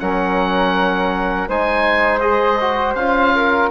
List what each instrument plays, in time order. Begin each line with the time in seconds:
0.00 bassoon F#3, trombone C#4, flute A#4, oboe F#5
1.48 bassoon G#3, trombone D#4, flute C5, oboe G#5
2.20 trombone G#4, oboe D#5
2.60 trombone F#4
2.95 bassoon C#4, trombone F4, oboe F5
3.35 flute A#4